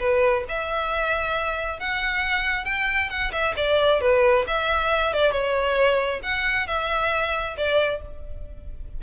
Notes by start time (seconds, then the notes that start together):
0.00 B4
0.48 E5
1.80 F#5
2.65 G5
3.10 F#5
3.32 E5
3.57 D5
4.01 B4
4.47 E5
5.13 D5
5.32 C#5
6.23 F#5
6.67 E5
7.57 D5